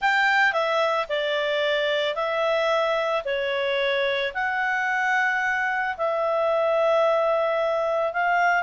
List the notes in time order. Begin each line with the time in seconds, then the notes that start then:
0.01 G5
0.53 E5
1.09 D5
2.15 E5
3.24 C#5
4.34 F#5
5.97 E5
8.12 F5